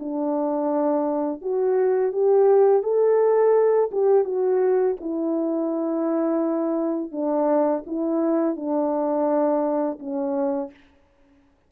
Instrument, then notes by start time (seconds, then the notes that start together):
horn
0.00 D4
1.42 F#4
2.13 G4
2.83 A4
3.92 G4
4.25 F#4
5.01 E4
7.12 D4
7.87 E4
8.56 D4
9.99 C#4